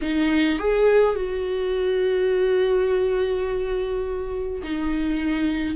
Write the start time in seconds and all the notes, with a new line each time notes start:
0.01 D#4
0.58 G#4
1.15 F#4
4.63 D#4